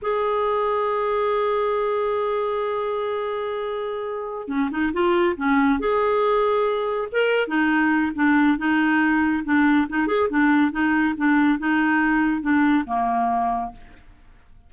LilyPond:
\new Staff \with { instrumentName = "clarinet" } { \time 4/4 \tempo 4 = 140 gis'1~ | gis'1~ | gis'2~ gis'8 cis'8 dis'8 f'8~ | f'8 cis'4 gis'2~ gis'8~ |
gis'8 ais'4 dis'4. d'4 | dis'2 d'4 dis'8 gis'8 | d'4 dis'4 d'4 dis'4~ | dis'4 d'4 ais2 | }